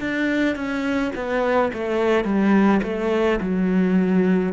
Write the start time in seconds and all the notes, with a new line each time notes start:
0.00 D4
0.56 C#4
1.15 B3
1.73 A3
2.24 G3
2.83 A3
3.41 F#3